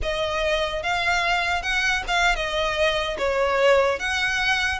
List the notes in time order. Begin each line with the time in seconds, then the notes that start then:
0.02 D#5
0.83 F5
1.62 F#5
2.07 F5
2.35 D#5
3.18 C#5
3.99 F#5